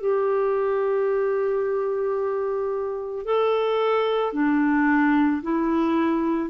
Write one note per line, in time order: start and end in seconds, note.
0.00 3.25 G4
3.25 4.33 A4
4.33 5.42 D4
5.42 6.50 E4